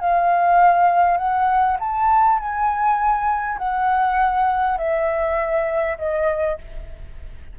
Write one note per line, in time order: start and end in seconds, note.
0.00 1.17 F5
1.17 1.77 F#5
1.80 2.39 A5
2.39 3.58 G#5
3.58 4.78 F#5
4.78 5.98 E5
5.98 6.58 D#5